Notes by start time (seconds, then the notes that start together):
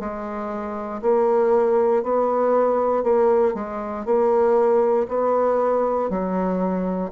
0.00 G#3
1.02 A#3
2.03 B3
3.03 A#3
3.55 G#3
4.05 A#3
5.08 B3
6.10 F#3